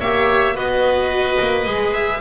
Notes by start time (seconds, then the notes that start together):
0.00 A#3 G4 C#5 E5
0.55 B3 F#4 B4 D#5
1.41 A#3
1.66 G#3 G#4
1.94 E5